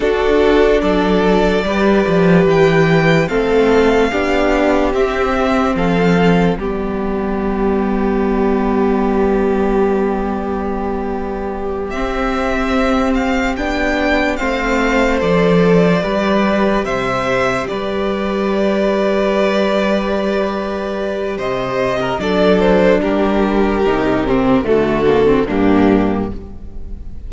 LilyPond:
<<
  \new Staff \with { instrumentName = "violin" } { \time 4/4 \tempo 4 = 73 a'4 d''2 g''4 | f''2 e''4 f''4 | d''1~ | d''2~ d''8 e''4. |
f''8 g''4 f''4 d''4.~ | d''8 e''4 d''2~ d''8~ | d''2 dis''4 d''8 c''8 | ais'2 a'4 g'4 | }
  \new Staff \with { instrumentName = "violin" } { \time 4/4 fis'4 a'4 b'2 | a'4 g'2 a'4 | g'1~ | g'1~ |
g'4. c''2 b'8~ | b'8 c''4 b'2~ b'8~ | b'2 c''8. ais'16 a'4 | g'2 fis'4 d'4 | }
  \new Staff \with { instrumentName = "viola" } { \time 4/4 d'2 g'2 | c'4 d'4 c'2 | b1~ | b2~ b8 c'4.~ |
c'8 d'4 c'4 a'4 g'8~ | g'1~ | g'2. d'4~ | d'4 dis'8 c'8 a8 ais16 c'16 ais4 | }
  \new Staff \with { instrumentName = "cello" } { \time 4/4 d'4 fis4 g8 f8 e4 | a4 b4 c'4 f4 | g1~ | g2~ g8 c'4.~ |
c'8 b4 a4 f4 g8~ | g8 c4 g2~ g8~ | g2 c4 fis4 | g4 c4 d4 g,4 | }
>>